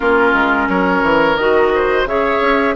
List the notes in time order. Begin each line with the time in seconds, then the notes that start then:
0.00 A#3 C#4 F4 A#4
0.33 G#3
0.68 F#3 A#4 C#5
1.02 E3
1.36 D#3 F#4 D#5
1.74 C5
2.05 C#3 G#4 C#5 E5
2.40 C#4